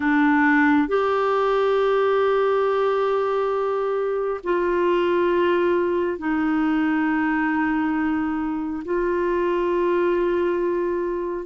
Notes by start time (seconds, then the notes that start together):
0.00 D4
0.87 G4
4.43 F4
6.18 D#4
8.85 F4